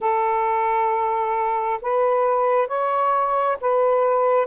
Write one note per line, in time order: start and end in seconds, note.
0.00 1.80 A4
1.81 2.67 B4
2.67 3.57 C#5
3.61 4.46 B4